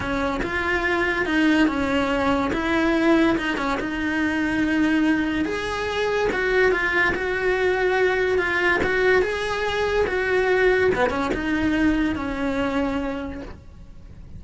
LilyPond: \new Staff \with { instrumentName = "cello" } { \time 4/4 \tempo 4 = 143 cis'4 f'2 dis'4 | cis'2 e'2 | dis'8 cis'8 dis'2.~ | dis'4 gis'2 fis'4 |
f'4 fis'2. | f'4 fis'4 gis'2 | fis'2 b8 cis'8 dis'4~ | dis'4 cis'2. | }